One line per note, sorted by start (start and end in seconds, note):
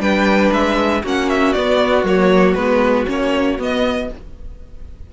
0.00 0.51 G3
0.00 1.02 D4
0.00 1.02 B4
0.00 0.52 G5
0.52 1.03 G#3
0.52 1.04 E5
1.02 1.55 A#3
1.02 1.56 C#4
1.02 4.07 F#4
1.02 1.30 F#5
1.30 1.53 E5
1.53 2.05 B3
1.53 2.04 B3
1.53 2.04 D5
2.04 2.55 F#3
2.04 2.56 A#3
2.04 2.54 C#5
2.54 3.06 G#3
2.54 3.07 B3
2.54 3.05 B4
3.07 3.59 A#3
3.07 3.57 C#4
3.07 3.61 C#5
3.59 4.09 B3
3.59 4.10 B3
3.59 4.14 D#5